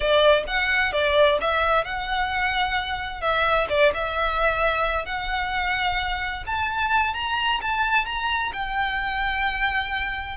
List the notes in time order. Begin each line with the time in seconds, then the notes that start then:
0.00 D5
0.47 F#5
0.92 D5
1.41 E5
1.84 F#5
3.21 E5
3.69 D5
3.93 E5
5.05 F#5
6.46 A5
7.14 A#5
7.61 A5
8.05 A#5
8.53 G5